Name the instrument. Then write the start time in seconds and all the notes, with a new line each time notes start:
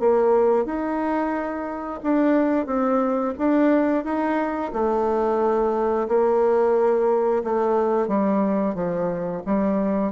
bassoon
0.00 A#3
0.66 D#4
2.03 D4
2.66 C4
3.38 D4
4.04 D#4
4.73 A3
6.08 A#3
7.44 A3
8.08 G3
8.75 F3
9.46 G3